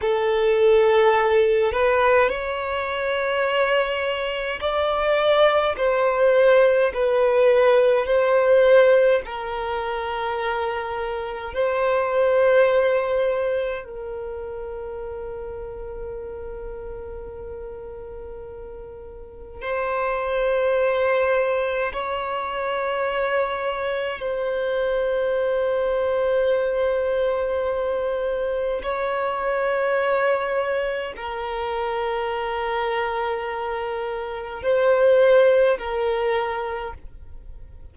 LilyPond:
\new Staff \with { instrumentName = "violin" } { \time 4/4 \tempo 4 = 52 a'4. b'8 cis''2 | d''4 c''4 b'4 c''4 | ais'2 c''2 | ais'1~ |
ais'4 c''2 cis''4~ | cis''4 c''2.~ | c''4 cis''2 ais'4~ | ais'2 c''4 ais'4 | }